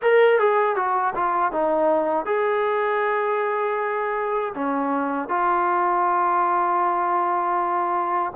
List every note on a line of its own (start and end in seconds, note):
0.01 0.39 A#4
0.39 0.76 G#4
0.76 1.14 F#4
1.15 1.52 F4
1.52 2.25 D#4
2.25 4.53 G#4
4.54 5.28 C#4
5.28 8.32 F4